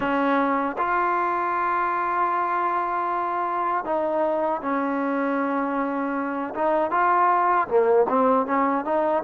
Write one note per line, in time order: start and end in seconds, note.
0.00 0.76 C#4
0.77 3.85 F4
3.85 4.61 D#4
4.61 6.53 C#4
6.54 6.90 D#4
6.90 7.67 F4
7.67 8.06 A#3
8.08 8.46 C4
8.46 8.85 C#4
8.85 9.23 D#4